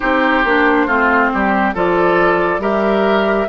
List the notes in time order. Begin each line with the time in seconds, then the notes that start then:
0.00 C4 D#4 G4 C5
0.44 A#3 D4
0.86 A3 C4 F4
1.33 G3 G4
1.74 F3 F4 A4 D5
2.58 G3 G4 A#4 E5